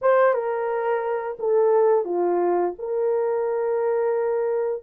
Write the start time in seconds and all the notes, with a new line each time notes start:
0.01 C5
0.33 A#4
1.39 A4
2.04 F4
2.78 A#4